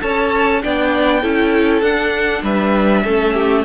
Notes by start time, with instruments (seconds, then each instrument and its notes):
0.00 cello C#4, viola A4, violin C#5 A5
0.62 cello B3, viola D4, violin D5 G5
1.21 cello C#4, viola E4, violin A4
1.82 cello D4, viola D4, violin F#5
2.42 cello G3, violin B4 E5
3.04 cello A3, viola C#4, violin A4
3.33 violin G4